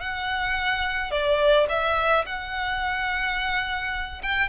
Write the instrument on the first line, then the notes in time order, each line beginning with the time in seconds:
violin
0.00 F#5
1.11 D5
1.69 E5
2.26 F#5
4.22 G5